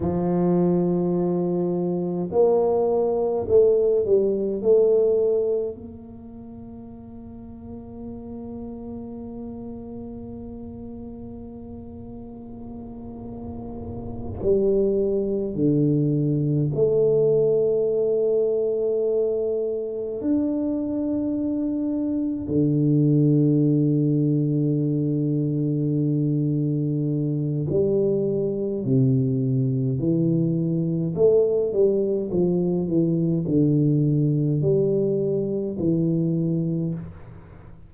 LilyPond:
\new Staff \with { instrumentName = "tuba" } { \time 4/4 \tempo 4 = 52 f2 ais4 a8 g8 | a4 ais2.~ | ais1~ | ais8 g4 d4 a4.~ |
a4. d'2 d8~ | d1 | g4 c4 e4 a8 g8 | f8 e8 d4 g4 e4 | }